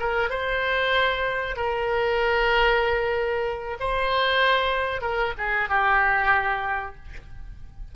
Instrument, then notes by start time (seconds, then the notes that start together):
oboe
0.00 A#4
0.30 C5
1.56 A#4
3.80 C5
5.02 A#4
5.38 G#4
5.69 G4